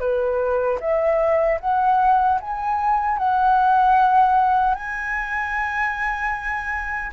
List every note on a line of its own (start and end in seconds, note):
0.00 0.79 B4
0.80 1.59 E5
1.60 2.39 F#5
2.41 3.18 G#5
3.18 4.75 F#5
4.75 7.12 G#5